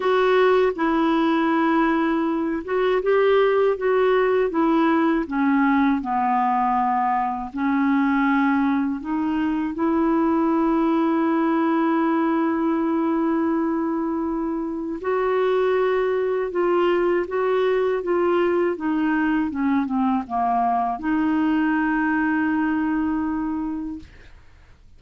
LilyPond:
\new Staff \with { instrumentName = "clarinet" } { \time 4/4 \tempo 4 = 80 fis'4 e'2~ e'8 fis'8 | g'4 fis'4 e'4 cis'4 | b2 cis'2 | dis'4 e'2.~ |
e'1 | fis'2 f'4 fis'4 | f'4 dis'4 cis'8 c'8 ais4 | dis'1 | }